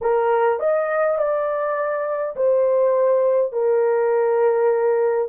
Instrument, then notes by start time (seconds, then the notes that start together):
horn
0.01 A#4
0.59 D#5
1.18 D5
2.35 C5
3.52 A#4